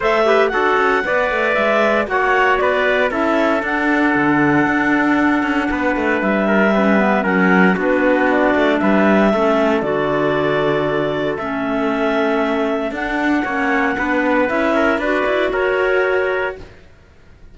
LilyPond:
<<
  \new Staff \with { instrumentName = "clarinet" } { \time 4/4 \tempo 4 = 116 e''4 fis''2 e''4 | fis''4 d''4 e''4 fis''4~ | fis''1 | e''2 fis''4 b'4 |
d''4 e''2 d''4~ | d''2 e''2~ | e''4 fis''2. | e''4 d''4 cis''2 | }
  \new Staff \with { instrumentName = "trumpet" } { \time 4/4 c''8 b'8 a'4 d''2 | cis''4 b'4 a'2~ | a'2. b'4~ | b'8 ais'8 b'4 ais'4 fis'4~ |
fis'4 b'4 a'2~ | a'1~ | a'2 cis''4 b'4~ | b'8 ais'8 b'4 ais'2 | }
  \new Staff \with { instrumentName = "clarinet" } { \time 4/4 a'8 g'8 fis'4 b'2 | fis'2 e'4 d'4~ | d'1~ | d'4 cis'8 b8 cis'4 d'4~ |
d'2 cis'4 fis'4~ | fis'2 cis'2~ | cis'4 d'4 cis'4 d'4 | e'4 fis'2. | }
  \new Staff \with { instrumentName = "cello" } { \time 4/4 a4 d'8 cis'8 b8 a8 gis4 | ais4 b4 cis'4 d'4 | d4 d'4. cis'8 b8 a8 | g2 fis4 b4~ |
b8 a8 g4 a4 d4~ | d2 a2~ | a4 d'4 ais4 b4 | cis'4 d'8 e'8 fis'2 | }
>>